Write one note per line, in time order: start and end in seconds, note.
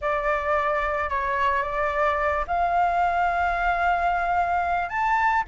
0.01 1.09 D5
1.09 1.62 C#5
1.62 2.44 D5
2.47 4.89 F5
4.89 5.43 A5